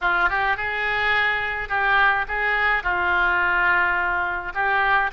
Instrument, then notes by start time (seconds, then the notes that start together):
oboe
0.01 F4
0.29 G4
0.56 G#4
1.69 G4
2.28 G#4
2.83 F4
4.54 G4